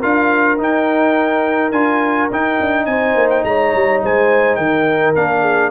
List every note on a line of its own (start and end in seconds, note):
0.00 0.58 D4
0.00 0.58 F4
0.00 2.86 A#4
0.00 0.59 F5
0.58 1.72 D#4
0.58 1.72 G5
1.72 2.29 D4
1.72 2.31 F4
1.72 2.29 G#5
2.31 2.60 D#4
2.31 5.16 D#4
2.31 2.86 G5
2.61 2.86 D4
2.86 3.15 C4
2.86 3.46 C5
2.86 3.29 G#5
3.15 3.44 A#3
3.30 3.44 G5
3.44 3.73 G#3
3.44 4.04 C#5
3.44 4.02 A#5
3.75 4.03 G3
4.04 4.58 G#3
4.04 4.58 C5
4.04 4.56 G#5
4.56 5.15 D#3
4.56 5.42 A#4
4.56 5.13 G5
5.15 5.71 A#3
5.15 5.71 D4
5.15 5.71 F5
5.42 5.70 G#4